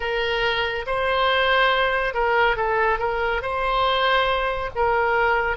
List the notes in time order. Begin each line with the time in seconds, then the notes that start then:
0.00 A#4
0.86 C5
2.14 A#4
2.56 A4
2.98 A#4
3.41 C5
4.75 A#4